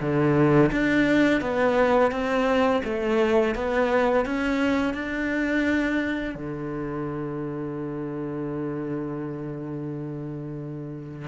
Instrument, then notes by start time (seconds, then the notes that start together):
cello
0.00 D3
0.72 D4
1.41 B3
2.11 C4
2.84 A3
3.55 B3
4.25 C#4
4.94 D4
6.35 D3